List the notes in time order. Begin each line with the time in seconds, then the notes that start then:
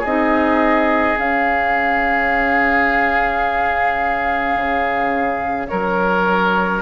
0.00 C4 G#4 D#5
0.06 D#4
1.15 C#4 F5
4.55 C#3
5.67 F#3 A#4 C#5